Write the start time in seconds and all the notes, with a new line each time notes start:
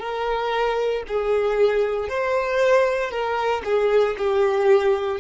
0.00 A#4
1.08 G#4
2.09 C5
3.11 A#4
3.64 G#4
4.18 G4